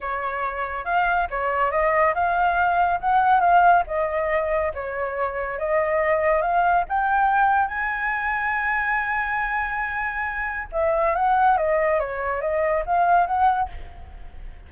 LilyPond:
\new Staff \with { instrumentName = "flute" } { \time 4/4 \tempo 4 = 140 cis''2 f''4 cis''4 | dis''4 f''2 fis''4 | f''4 dis''2 cis''4~ | cis''4 dis''2 f''4 |
g''2 gis''2~ | gis''1~ | gis''4 e''4 fis''4 dis''4 | cis''4 dis''4 f''4 fis''4 | }